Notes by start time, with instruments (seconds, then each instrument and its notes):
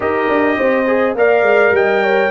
0.00 tuba D#4, trombone G4, horn A#4, trumpet D#5
0.28 tuba D4
0.57 tuba C4, horn C5
0.87 trombone G#4
1.15 tuba A#3, trombone A#4, horn D5, trumpet F5
1.42 tuba G#3
1.71 tuba G3, horn D#5, trumpet G5
2.03 horn C#5